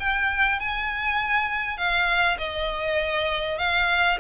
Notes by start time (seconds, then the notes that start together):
0.00 G5
0.60 G#5
1.78 F5
2.38 D#5
3.58 F5